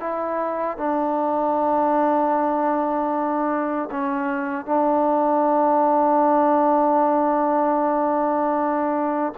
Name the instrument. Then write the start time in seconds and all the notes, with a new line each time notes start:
trombone
0.00 E4
0.78 D4
3.91 C#4
4.66 D4